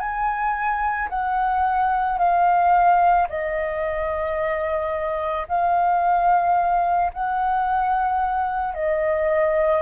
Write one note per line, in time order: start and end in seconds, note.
0.00 1.09 G#5
1.10 2.19 F#5
2.19 3.28 F5
3.30 5.48 D#5
5.49 7.13 F5
7.14 8.75 F#5
8.75 9.83 D#5